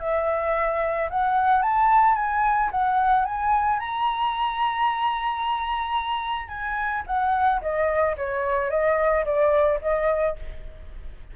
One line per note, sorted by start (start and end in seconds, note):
0.00 1.09 E5
1.10 1.62 F#5
1.62 2.15 A5
2.15 2.70 G#5
2.71 3.25 F#5
3.25 3.80 G#5
3.80 6.49 A#5
6.49 7.03 G#5
7.07 7.61 F#5
7.62 8.16 D#5
8.17 8.70 C#5
8.70 9.25 D#5
9.25 9.80 D5
9.82 10.36 D#5